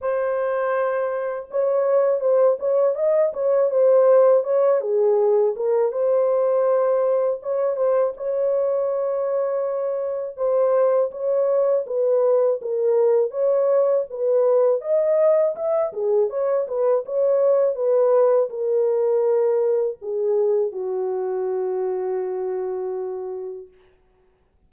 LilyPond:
\new Staff \with { instrumentName = "horn" } { \time 4/4 \tempo 4 = 81 c''2 cis''4 c''8 cis''8 | dis''8 cis''8 c''4 cis''8 gis'4 ais'8 | c''2 cis''8 c''8 cis''4~ | cis''2 c''4 cis''4 |
b'4 ais'4 cis''4 b'4 | dis''4 e''8 gis'8 cis''8 b'8 cis''4 | b'4 ais'2 gis'4 | fis'1 | }